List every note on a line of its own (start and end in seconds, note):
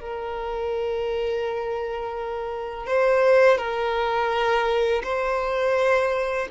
0.00 2.87 A#4
2.87 3.58 C5
3.58 5.02 A#4
5.03 6.48 C5